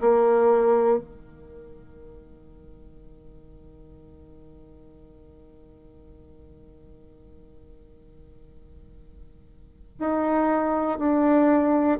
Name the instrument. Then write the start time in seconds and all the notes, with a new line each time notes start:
bassoon
0.00 A#3
0.98 D#3
9.99 D#4
10.98 D4